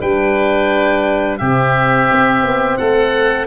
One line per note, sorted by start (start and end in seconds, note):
0.00 1.40 G3
0.00 1.40 D4
0.00 1.39 B4
0.00 1.38 G5
1.38 2.10 C3
1.38 3.47 C4
1.38 2.78 G4
1.38 2.77 E5
2.11 2.43 C4
2.43 2.77 B3
2.77 3.47 A3
2.77 3.47 A4
2.77 3.47 F#5